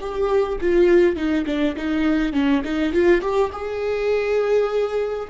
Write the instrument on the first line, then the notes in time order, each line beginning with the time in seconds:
viola
0.00 G4
0.61 F4
1.16 D#4
1.46 D4
1.76 D#4
2.33 C#4
2.64 D#4
2.93 F4
3.21 G4
3.52 G#4